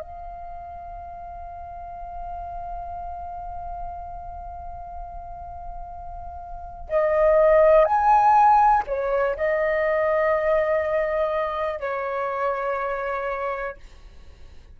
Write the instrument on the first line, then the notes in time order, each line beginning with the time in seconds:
flute
0.00 F5
6.89 D#5
7.85 G#5
8.87 C#5
9.36 D#5
11.80 C#5